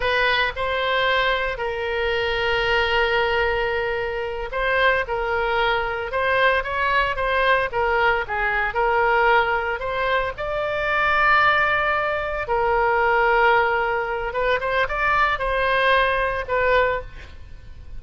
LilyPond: \new Staff \with { instrumentName = "oboe" } { \time 4/4 \tempo 4 = 113 b'4 c''2 ais'4~ | ais'1~ | ais'8 c''4 ais'2 c''8~ | c''8 cis''4 c''4 ais'4 gis'8~ |
gis'8 ais'2 c''4 d''8~ | d''2.~ d''8 ais'8~ | ais'2. b'8 c''8 | d''4 c''2 b'4 | }